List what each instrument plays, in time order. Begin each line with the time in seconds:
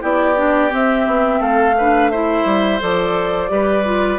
0.00 bassoon B3, clarinet E4, oboe G4, flute D5
0.36 clarinet D4
0.69 clarinet C4, bassoon C4, flute E5
1.06 bassoon B3
1.40 bassoon A3, oboe A4, flute F5
1.78 clarinet D4, oboe B4
2.10 clarinet E4, oboe C5, flute E5
2.45 bassoon G3
2.80 bassoon F3, clarinet A4, flute D5
3.49 bassoon G3, clarinet G4, oboe B4
3.84 clarinet F4